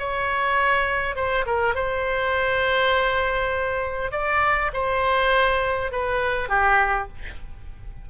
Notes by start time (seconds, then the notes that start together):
0.00 C#5
1.16 C5
1.46 A#4
1.76 C5
4.12 D5
4.74 C5
5.92 B4
6.49 G4